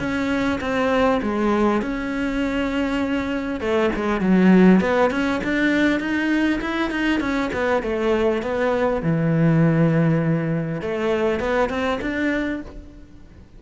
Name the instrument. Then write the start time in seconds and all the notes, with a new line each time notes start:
cello
0.00 C#4
0.61 C4
1.22 G#3
1.82 C#4
3.61 A3
3.96 G#3
4.21 F#3
4.81 B3
5.11 C#4
5.44 D4
6.00 D#4
6.61 E4
6.91 D#4
7.21 C#4
7.54 B3
7.83 A3
8.43 B3
9.02 E3
10.82 A3
11.40 B3
11.70 C4
12.02 D4